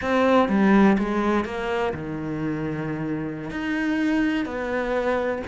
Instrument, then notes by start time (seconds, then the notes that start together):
cello
0.01 C4
0.48 G3
0.98 G#3
1.44 A#3
1.93 D#3
3.50 D#4
4.45 B3